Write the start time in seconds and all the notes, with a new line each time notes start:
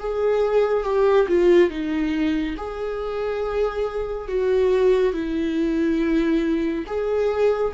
0.00 G#4
0.84 G4
1.28 F4
1.70 D#4
2.58 G#4
4.28 F#4
5.14 E4
6.87 G#4